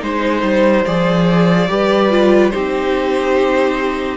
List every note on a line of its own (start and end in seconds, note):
0.00 0.42 G#3
0.00 0.83 D#4
0.00 0.85 C5
0.00 1.70 C5
0.42 0.84 G3
0.85 1.69 F3
0.85 1.68 G#4
0.85 2.50 D5
1.68 2.52 G3
1.68 2.10 G4
1.68 2.53 B4
2.10 2.52 F4
2.50 4.17 C4
2.50 4.17 D#4
2.50 4.17 G4
2.50 4.17 C5